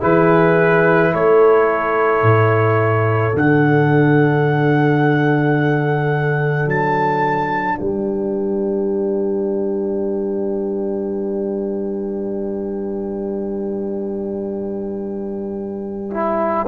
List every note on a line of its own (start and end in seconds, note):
0.00 1.14 E3
0.00 3.32 E4
0.00 1.11 G#4
0.00 1.13 B4
1.12 2.22 A3
1.12 7.75 A4
1.12 3.36 C#5
2.22 3.33 A2
3.32 6.66 D3
3.32 16.10 D4
3.32 6.69 F#5
6.66 7.77 F#3
6.66 7.79 A5
7.75 16.67 G3
7.75 16.64 B4
7.75 16.67 G5
16.10 16.66 E4